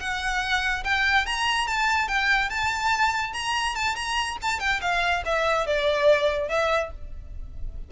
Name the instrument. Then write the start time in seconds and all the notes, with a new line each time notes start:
violin
0.00 F#5
0.84 G5
1.26 A#5
1.67 A5
2.08 G5
2.50 A5
3.33 A#5
3.75 A5
3.96 A#5
4.42 A5
4.60 G5
4.81 F5
5.25 E5
5.66 D5
6.49 E5